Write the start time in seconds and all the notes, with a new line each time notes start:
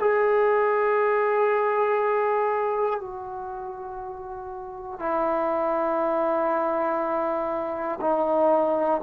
0.00 G#4
3.00 F#4
4.99 E4
8.00 D#4